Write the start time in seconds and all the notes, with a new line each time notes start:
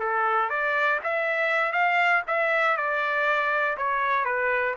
0.00 A4
0.50 D5
1.04 E5
1.73 F5
2.27 E5
2.77 D5
3.77 C#5
4.25 B4